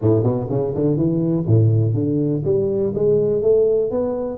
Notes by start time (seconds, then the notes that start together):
0.01 A2
0.23 B2
0.49 C#3
0.74 D3
0.96 E3
1.46 A2
1.94 D3
2.44 G3
2.94 G#3
3.41 A3
3.90 B3